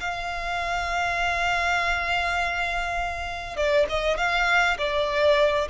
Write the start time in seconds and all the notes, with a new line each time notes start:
0.00 F5
3.56 D5
3.89 D#5
4.17 F5
4.78 D5